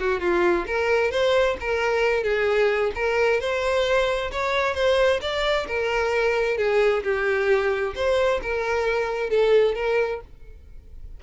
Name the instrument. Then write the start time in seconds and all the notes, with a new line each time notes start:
violin
0.00 F#4
0.21 F4
0.67 A#4
1.11 C5
1.61 A#4
2.24 G#4
2.95 A#4
3.40 C5
4.32 C#5
4.75 C5
5.22 D5
5.68 A#4
6.58 G#4
7.04 G4
7.96 C5
8.43 A#4
9.30 A4
9.75 A#4